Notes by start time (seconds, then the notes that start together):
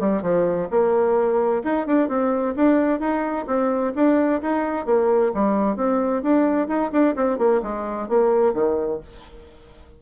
0.00 G3
0.22 F3
0.71 A#3
1.64 D#4
1.87 D4
2.09 C4
2.56 D4
3.00 D#4
3.47 C4
3.95 D4
4.42 D#4
4.86 A#3
5.35 G3
5.77 C4
6.23 D4
6.68 D#4
6.92 D4
7.16 C4
7.39 A#3
7.63 G#3
8.09 A#3
8.54 D#3